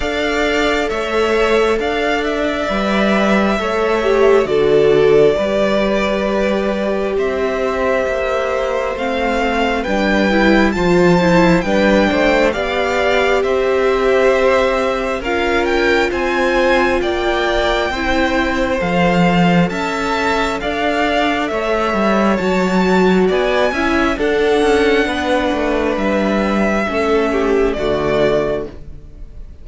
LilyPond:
<<
  \new Staff \with { instrumentName = "violin" } { \time 4/4 \tempo 4 = 67 f''4 e''4 f''8 e''4.~ | e''4 d''2. | e''2 f''4 g''4 | a''4 g''4 f''4 e''4~ |
e''4 f''8 g''8 gis''4 g''4~ | g''4 f''4 a''4 f''4 | e''4 a''4 gis''4 fis''4~ | fis''4 e''2 d''4 | }
  \new Staff \with { instrumentName = "violin" } { \time 4/4 d''4 cis''4 d''2 | cis''4 a'4 b'2 | c''2. b'4 | c''4 b'8 c''8 d''4 c''4~ |
c''4 ais'4 c''4 d''4 | c''2 e''4 d''4 | cis''2 d''8 e''8 a'4 | b'2 a'8 g'8 fis'4 | }
  \new Staff \with { instrumentName = "viola" } { \time 4/4 a'2. b'4 | a'8 g'8 fis'4 g'2~ | g'2 c'4 d'8 e'8 | f'8 e'8 d'4 g'2~ |
g'4 f'2. | e'4 a'2.~ | a'4 fis'4. e'8 d'4~ | d'2 cis'4 a4 | }
  \new Staff \with { instrumentName = "cello" } { \time 4/4 d'4 a4 d'4 g4 | a4 d4 g2 | c'4 ais4 a4 g4 | f4 g8 a8 b4 c'4~ |
c'4 cis'4 c'4 ais4 | c'4 f4 cis'4 d'4 | a8 g8 fis4 b8 cis'8 d'8 cis'8 | b8 a8 g4 a4 d4 | }
>>